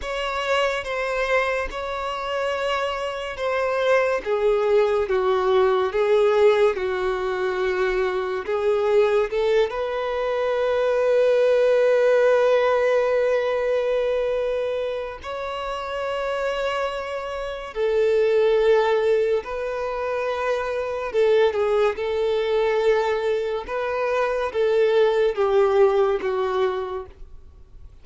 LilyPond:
\new Staff \with { instrumentName = "violin" } { \time 4/4 \tempo 4 = 71 cis''4 c''4 cis''2 | c''4 gis'4 fis'4 gis'4 | fis'2 gis'4 a'8 b'8~ | b'1~ |
b'2 cis''2~ | cis''4 a'2 b'4~ | b'4 a'8 gis'8 a'2 | b'4 a'4 g'4 fis'4 | }